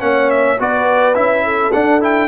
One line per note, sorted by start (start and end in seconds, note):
0.00 0.59 A#3
0.00 0.57 C#4
0.00 0.60 C#5
0.00 0.30 F#5
0.30 0.59 E5
0.60 1.16 B3
0.60 1.15 F#4
0.60 1.44 B4
0.60 1.15 D5
1.15 1.73 C#4
1.15 1.72 E4
1.15 1.72 E5
1.44 2.28 A4
1.72 2.01 D4
1.72 2.28 D4
1.72 2.01 F#5
2.01 2.28 E4
2.01 2.28 G5